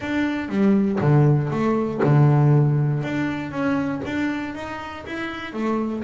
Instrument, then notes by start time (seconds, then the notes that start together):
double bass
0.00 D4
0.48 G3
1.00 D3
1.50 A3
2.03 D3
3.03 D4
3.51 C#4
4.05 D4
4.54 D#4
5.06 E4
5.53 A3